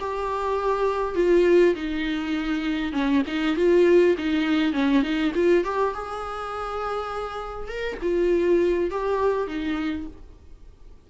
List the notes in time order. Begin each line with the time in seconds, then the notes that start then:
0.00 G4
1.15 F4
1.75 D#4
2.93 C#4
3.27 D#4
3.56 F4
4.18 D#4
4.73 C#4
5.03 D#4
5.35 F4
5.65 G4
5.94 G#4
7.68 A#4
8.02 F4
8.91 G4
9.48 D#4